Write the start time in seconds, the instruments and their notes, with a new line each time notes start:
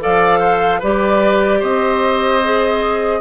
0.00 bassoon F3, clarinet A4, oboe D5, flute F5
0.39 oboe C5
0.79 bassoon G3, clarinet G4, oboe B4, flute D5
1.59 bassoon C4, oboe C5, flute D#5
2.43 clarinet G#4